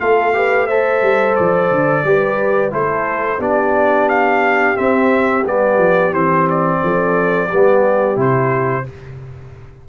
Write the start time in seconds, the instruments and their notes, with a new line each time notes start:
0.00 tuba A3, trombone F4, horn A4, trumpet F5
0.34 trombone G4, horn B4
0.67 trombone A4, horn C5, trumpet E5
1.02 tuba G3
1.36 tuba F3, trumpet D5
1.71 tuba D3
2.04 tuba G3, trombone G4, horn B4
2.70 tuba A3, trombone E4, horn A4, trumpet C5
3.38 tuba B3, trombone D4, horn G4, trumpet D5
4.09 trumpet F5
4.76 trombone C4, tuba C4, trumpet E5
5.45 tuba G3, trombone B3, trumpet D5
5.78 tuba F3
6.12 tuba E3, trombone C4, trumpet C5
6.50 trumpet D5
6.84 tuba F3, horn A4
7.48 tuba G3, trombone B3, horn G4
8.16 tuba C3, trombone E4, trumpet C5